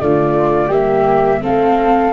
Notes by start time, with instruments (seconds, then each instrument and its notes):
0.00 tuba D3, viola A3, flute F4 D5
0.67 tuba G3, viola A#3, flute G4 E5
1.42 tuba A3, viola C4, flute A4 F5